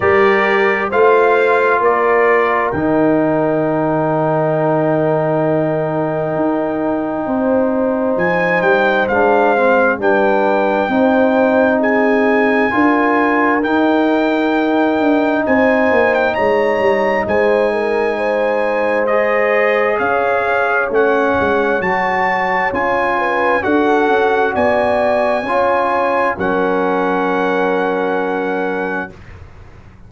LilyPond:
<<
  \new Staff \with { instrumentName = "trumpet" } { \time 4/4 \tempo 4 = 66 d''4 f''4 d''4 g''4~ | g''1~ | g''4 gis''8 g''8 f''4 g''4~ | g''4 gis''2 g''4~ |
g''4 gis''8. g''16 ais''4 gis''4~ | gis''4 dis''4 f''4 fis''4 | a''4 gis''4 fis''4 gis''4~ | gis''4 fis''2. | }
  \new Staff \with { instrumentName = "horn" } { \time 4/4 ais'4 c''4 ais'2~ | ais'1 | c''2. b'4 | c''4 gis'4 ais'2~ |
ais'4 c''4 cis''4 c''8 ais'8 | c''2 cis''2~ | cis''4. b'8 a'4 d''4 | cis''4 ais'2. | }
  \new Staff \with { instrumentName = "trombone" } { \time 4/4 g'4 f'2 dis'4~ | dis'1~ | dis'2 d'8 c'8 d'4 | dis'2 f'4 dis'4~ |
dis'1~ | dis'4 gis'2 cis'4 | fis'4 f'4 fis'2 | f'4 cis'2. | }
  \new Staff \with { instrumentName = "tuba" } { \time 4/4 g4 a4 ais4 dis4~ | dis2. dis'4 | c'4 f8 g8 gis4 g4 | c'2 d'4 dis'4~ |
dis'8 d'8 c'8 ais8 gis8 g8 gis4~ | gis2 cis'4 a8 gis8 | fis4 cis'4 d'8 cis'8 b4 | cis'4 fis2. | }
>>